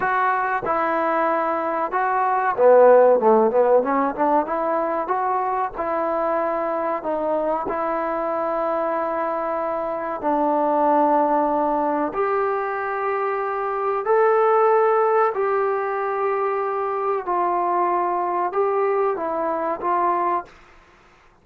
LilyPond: \new Staff \with { instrumentName = "trombone" } { \time 4/4 \tempo 4 = 94 fis'4 e'2 fis'4 | b4 a8 b8 cis'8 d'8 e'4 | fis'4 e'2 dis'4 | e'1 |
d'2. g'4~ | g'2 a'2 | g'2. f'4~ | f'4 g'4 e'4 f'4 | }